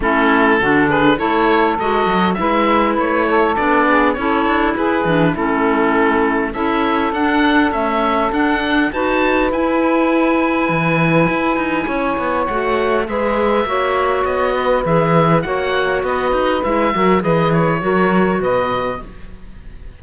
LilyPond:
<<
  \new Staff \with { instrumentName = "oboe" } { \time 4/4 \tempo 4 = 101 a'4. b'8 cis''4 dis''4 | e''4 cis''4 d''4 cis''4 | b'4 a'2 e''4 | fis''4 e''4 fis''4 a''4 |
gis''1~ | gis''4 fis''4 e''2 | dis''4 e''4 fis''4 dis''4 | e''4 dis''8 cis''4. dis''4 | }
  \new Staff \with { instrumentName = "saxophone" } { \time 4/4 e'4 fis'8 gis'8 a'2 | b'4. a'4 gis'8 a'4 | gis'4 e'2 a'4~ | a'2. b'4~ |
b'1 | cis''2 b'4 cis''4~ | cis''8 b'4. cis''4 b'4~ | b'8 ais'8 b'4 ais'4 b'4 | }
  \new Staff \with { instrumentName = "clarinet" } { \time 4/4 cis'4 d'4 e'4 fis'4 | e'2 d'4 e'4~ | e'8 d'8 cis'2 e'4 | d'4 a4 d'4 fis'4 |
e'1~ | e'4 fis'4 gis'4 fis'4~ | fis'4 gis'4 fis'2 | e'8 fis'8 gis'4 fis'2 | }
  \new Staff \with { instrumentName = "cello" } { \time 4/4 a4 d4 a4 gis8 fis8 | gis4 a4 b4 cis'8 d'8 | e'8 e8 a2 cis'4 | d'4 cis'4 d'4 dis'4 |
e'2 e4 e'8 dis'8 | cis'8 b8 a4 gis4 ais4 | b4 e4 ais4 b8 dis'8 | gis8 fis8 e4 fis4 b,4 | }
>>